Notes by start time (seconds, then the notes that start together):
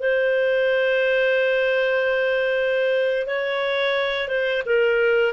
0.00 C5
3.27 C#5
4.29 C5
4.66 A#4